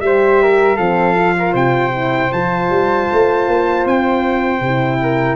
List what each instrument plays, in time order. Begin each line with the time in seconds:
0.00 tuba G3, horn G4, flute C5, trumpet E5
0.42 flute A#4
0.76 tuba F3, horn C4, flute A4, trumpet F5
1.15 horn F4
1.38 flute A#4
1.53 tuba C3, flute C5, trumpet G5
1.92 horn E4
2.32 tuba F3, horn F4, trumpet A5
2.69 tuba G3
3.12 tuba A3
3.47 tuba A#3
3.85 tuba C4, trumpet G5
4.60 tuba C3, horn E4
5.02 flute A#4